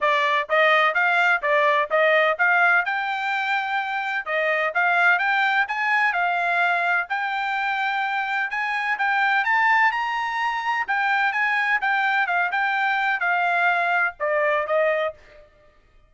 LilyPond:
\new Staff \with { instrumentName = "trumpet" } { \time 4/4 \tempo 4 = 127 d''4 dis''4 f''4 d''4 | dis''4 f''4 g''2~ | g''4 dis''4 f''4 g''4 | gis''4 f''2 g''4~ |
g''2 gis''4 g''4 | a''4 ais''2 g''4 | gis''4 g''4 f''8 g''4. | f''2 d''4 dis''4 | }